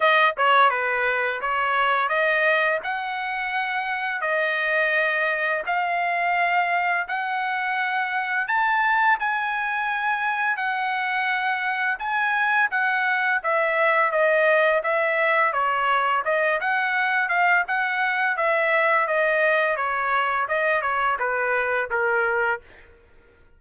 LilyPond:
\new Staff \with { instrumentName = "trumpet" } { \time 4/4 \tempo 4 = 85 dis''8 cis''8 b'4 cis''4 dis''4 | fis''2 dis''2 | f''2 fis''2 | a''4 gis''2 fis''4~ |
fis''4 gis''4 fis''4 e''4 | dis''4 e''4 cis''4 dis''8 fis''8~ | fis''8 f''8 fis''4 e''4 dis''4 | cis''4 dis''8 cis''8 b'4 ais'4 | }